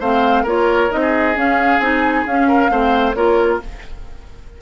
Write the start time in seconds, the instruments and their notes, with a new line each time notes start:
0.00 bassoon A3, clarinet C4, oboe C5, flute F5
0.43 bassoon A#3, clarinet F4, oboe A#4, flute C#5
0.90 bassoon C4, clarinet D#4, flute D#5
1.02 oboe G#4
1.35 clarinet C#4, bassoon C#4, flute F5
1.79 bassoon C4, clarinet D#4, flute G#5
2.26 bassoon C#4, clarinet C#4, flute F5
2.48 oboe A#4
2.70 bassoon A3, clarinet C4, oboe C5
3.13 bassoon A#3, clarinet F4, oboe A#4, flute C#5